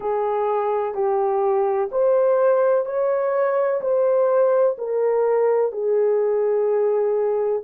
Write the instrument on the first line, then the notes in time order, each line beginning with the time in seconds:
horn
0.00 G#4
0.94 G4
1.91 C5
2.85 C#5
3.81 C5
4.78 A#4
5.71 G#4